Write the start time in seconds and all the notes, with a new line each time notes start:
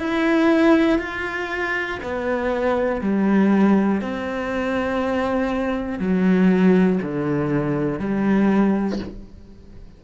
0.00 E4
0.99 F4
2.03 B3
3.01 G3
4.02 C4
6.00 F#3
7.02 D3
8.00 G3